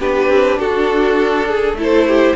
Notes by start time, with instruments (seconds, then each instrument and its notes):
0.00 cello B3, viola D4, violin G4 B4
0.29 cello C4
0.59 cello D4, violin F#4 A4
1.48 violin G#4
1.73 cello A3, viola E4, violin A4
1.83 violin C5
2.08 violin G4